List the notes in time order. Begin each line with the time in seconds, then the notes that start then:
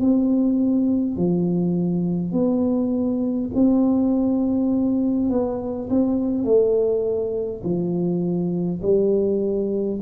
0.00 C4
1.17 F3
2.32 B3
3.55 C4
5.30 B3
5.90 C4
6.44 A3
7.63 F3
8.82 G3